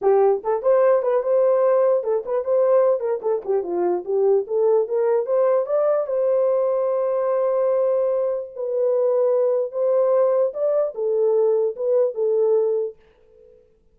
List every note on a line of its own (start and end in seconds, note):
0.01 0.42 G4
0.43 0.62 A4
0.62 1.02 C5
1.02 1.22 B4
1.23 2.03 C5
2.03 2.24 A4
2.25 2.44 B4
2.44 3.00 C5
3.00 3.20 A#4
3.22 3.42 A4
3.45 3.63 G4
3.63 4.03 F4
4.04 4.45 G4
4.47 4.87 A4
4.88 5.26 A#4
5.26 5.66 C5
5.66 6.06 D5
6.07 8.50 C5
8.55 9.71 B4
9.71 10.52 C5
10.53 10.93 D5
10.94 11.75 A4
11.76 12.14 B4
12.14 12.95 A4